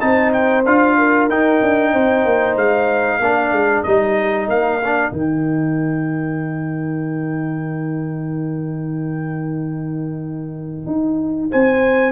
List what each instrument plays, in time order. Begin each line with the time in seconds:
0.00 tuba C4, trombone D#4, horn C5, trumpet A5
0.33 trumpet G5
0.66 tuba D4, trombone F4, trumpet F5
0.98 horn A#4
1.29 tuba D#4, trombone D#4, trumpet G5
1.62 tuba D4
1.93 tuba C4, horn C5
2.25 tuba A#3
2.56 tuba G#3, trumpet F5
3.20 tuba A#3, trombone D4, horn A#4
3.51 tuba G#3
3.83 tuba G3, trombone D#4, trumpet D#5
4.48 tuba A#3, trumpet F5
4.84 trombone D4
5.12 tuba D#3, trombone D#4, trumpet G5
10.86 tuba D#4
11.51 tuba C4, horn C5, trumpet G#5